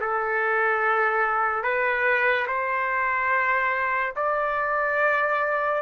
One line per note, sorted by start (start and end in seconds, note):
0.00 1.63 A4
1.63 2.46 B4
2.47 4.14 C5
4.16 5.82 D5